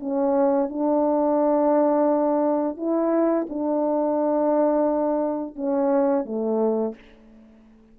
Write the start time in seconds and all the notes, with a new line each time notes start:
0.00 C#4
0.69 D4
2.77 E4
3.49 D4
5.56 C#4
6.26 A3